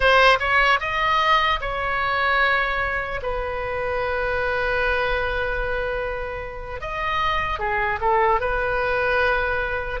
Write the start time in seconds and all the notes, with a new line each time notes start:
0.00 C5
0.39 C#5
0.80 D#5
1.60 C#5
3.22 B4
6.80 D#5
7.59 G#4
8.00 A4
8.40 B4